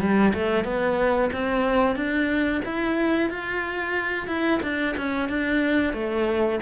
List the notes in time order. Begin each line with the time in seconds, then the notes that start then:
0.00 G3
0.33 A3
0.64 B3
1.32 C4
1.95 D4
2.65 E4
3.30 F4
4.27 E4
4.62 D4
4.97 C#4
5.29 D4
5.93 A3